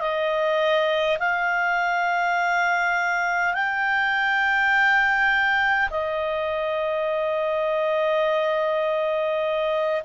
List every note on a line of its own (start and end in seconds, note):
0.00 1.18 D#5
1.20 3.55 F5
3.55 5.90 G5
5.91 10.03 D#5